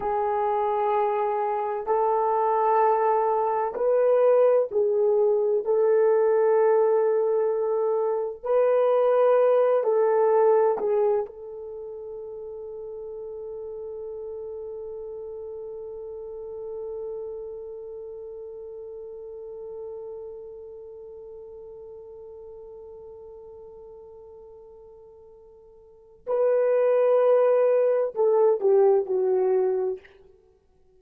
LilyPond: \new Staff \with { instrumentName = "horn" } { \time 4/4 \tempo 4 = 64 gis'2 a'2 | b'4 gis'4 a'2~ | a'4 b'4. a'4 gis'8 | a'1~ |
a'1~ | a'1~ | a'1 | b'2 a'8 g'8 fis'4 | }